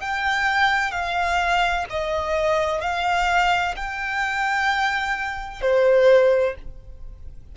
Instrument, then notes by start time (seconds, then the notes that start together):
violin
0.00 G5
0.91 F5
1.89 D#5
2.81 F5
3.76 G5
5.61 C5